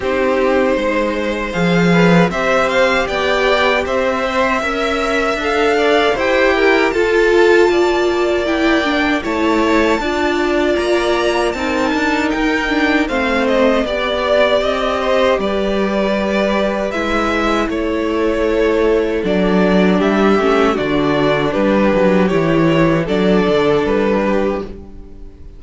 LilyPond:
<<
  \new Staff \with { instrumentName = "violin" } { \time 4/4 \tempo 4 = 78 c''2 f''4 e''8 f''8 | g''4 e''2 f''4 | g''4 a''2 g''4 | a''2 ais''4 a''4 |
g''4 f''8 dis''8 d''4 dis''4 | d''2 e''4 cis''4~ | cis''4 d''4 e''4 d''4 | b'4 cis''4 d''4 b'4 | }
  \new Staff \with { instrumentName = "violin" } { \time 4/4 g'4 c''4. b'8 c''4 | d''4 c''4 e''4. d''8 | c''8 ais'8 a'4 d''2 | cis''4 d''2 ais'4~ |
ais'4 c''4 d''4. c''8 | b'2. a'4~ | a'2 g'4 fis'4 | g'2 a'4. g'8 | }
  \new Staff \with { instrumentName = "viola" } { \time 4/4 dis'2 gis'4 g'4~ | g'4. c''8 ais'4 a'4 | g'4 f'2 e'8 d'8 | e'4 f'2 dis'4~ |
dis'8 d'8 c'4 g'2~ | g'2 e'2~ | e'4 d'4. cis'8 d'4~ | d'4 e'4 d'2 | }
  \new Staff \with { instrumentName = "cello" } { \time 4/4 c'4 gis4 f4 c'4 | b4 c'4 cis'4 d'4 | e'4 f'4 ais2 | a4 d'4 ais4 c'8 d'8 |
dis'4 a4 b4 c'4 | g2 gis4 a4~ | a4 fis4 g8 a8 d4 | g8 fis8 e4 fis8 d8 g4 | }
>>